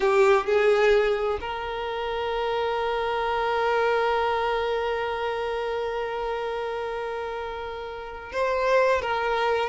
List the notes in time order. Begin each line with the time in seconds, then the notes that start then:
0.00 G4
0.46 G#4
1.41 A#4
8.32 C5
9.01 A#4